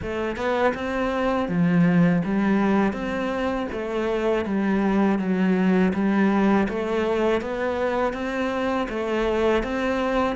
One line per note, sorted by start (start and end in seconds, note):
0.02 0.36 A3
0.36 0.73 B3
0.74 1.48 C4
1.48 2.22 F3
2.25 2.93 G3
2.93 3.67 C4
3.71 4.45 A3
4.45 5.18 G3
5.18 5.92 F#3
5.93 6.67 G3
6.68 7.41 A3
7.41 8.13 B3
8.13 8.87 C4
8.89 9.63 A3
9.63 10.35 C4